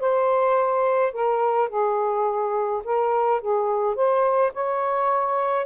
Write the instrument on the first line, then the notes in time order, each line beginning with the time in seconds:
saxophone
0.00 C5
1.13 A#4
1.69 G#4
2.84 A#4
3.41 G#4
3.95 C5
4.54 C#5